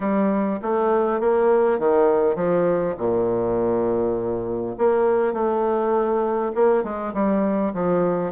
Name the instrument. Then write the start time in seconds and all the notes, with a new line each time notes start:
bassoon
0.00 G3
0.62 A3
1.20 A#3
1.78 D#3
2.35 F3
2.98 A#2
4.78 A#3
5.33 A3
6.54 A#3
6.83 G#3
7.13 G3
7.73 F3